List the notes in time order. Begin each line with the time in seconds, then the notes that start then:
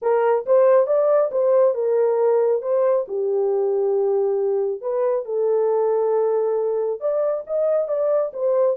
0.01 A#4
0.45 C5
0.86 D5
1.31 C5
1.74 A#4
2.62 C5
3.08 G4
4.81 B4
5.25 A4
7.00 D5
7.47 D#5
7.88 D5
8.33 C5